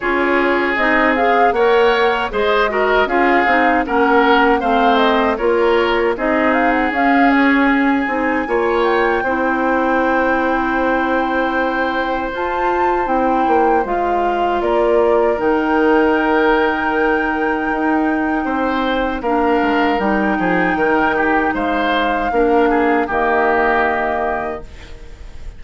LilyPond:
<<
  \new Staff \with { instrumentName = "flute" } { \time 4/4 \tempo 4 = 78 cis''4 dis''8 f''8 fis''4 dis''4 | f''4 fis''4 f''8 dis''8 cis''4 | dis''8 f''16 fis''16 f''8 cis''8 gis''4. g''8~ | g''1 |
a''4 g''4 f''4 d''4 | g''1~ | g''4 f''4 g''2 | f''2 dis''2 | }
  \new Staff \with { instrumentName = "oboe" } { \time 4/4 gis'2 cis''4 c''8 ais'8 | gis'4 ais'4 c''4 ais'4 | gis'2. cis''4 | c''1~ |
c''2. ais'4~ | ais'1 | c''4 ais'4. gis'8 ais'8 g'8 | c''4 ais'8 gis'8 g'2 | }
  \new Staff \with { instrumentName = "clarinet" } { \time 4/4 f'4 dis'8 gis'8 ais'4 gis'8 fis'8 | f'8 dis'8 cis'4 c'4 f'4 | dis'4 cis'4. dis'8 f'4 | e'1 |
f'4 e'4 f'2 | dis'1~ | dis'4 d'4 dis'2~ | dis'4 d'4 ais2 | }
  \new Staff \with { instrumentName = "bassoon" } { \time 4/4 cis'4 c'4 ais4 gis4 | cis'8 c'8 ais4 a4 ais4 | c'4 cis'4. c'8 ais4 | c'1 |
f'4 c'8 ais8 gis4 ais4 | dis2. dis'4 | c'4 ais8 gis8 g8 f8 dis4 | gis4 ais4 dis2 | }
>>